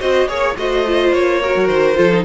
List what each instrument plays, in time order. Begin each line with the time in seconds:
0.00 cello C4, viola F#4, violin C5 D#5
0.28 cello A#3, viola G#4, violin C#5
0.57 cello A3, viola F#4, violin C5 D#5
0.86 viola F4
1.13 cello A#3, violin C#5
1.42 viola F#4, violin A#4
1.56 cello F#3
1.67 cello D#3, violin C5
1.95 cello F3, viola F4, violin A4
2.13 viola D#4